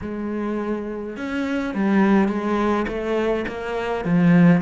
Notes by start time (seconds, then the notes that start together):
0.01 G#3
1.16 C#4
1.74 G3
2.28 G#3
2.87 A3
3.47 A#3
4.04 F3